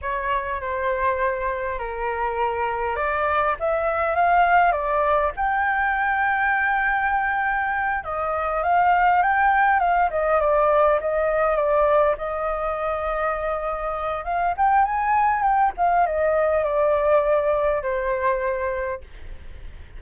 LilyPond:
\new Staff \with { instrumentName = "flute" } { \time 4/4 \tempo 4 = 101 cis''4 c''2 ais'4~ | ais'4 d''4 e''4 f''4 | d''4 g''2.~ | g''4. dis''4 f''4 g''8~ |
g''8 f''8 dis''8 d''4 dis''4 d''8~ | d''8 dis''2.~ dis''8 | f''8 g''8 gis''4 g''8 f''8 dis''4 | d''2 c''2 | }